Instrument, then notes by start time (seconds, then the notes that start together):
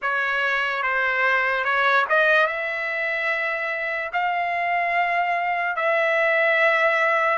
trumpet
0.02 C#5
0.82 C5
1.64 C#5
2.09 D#5
2.47 E5
4.12 F5
5.76 E5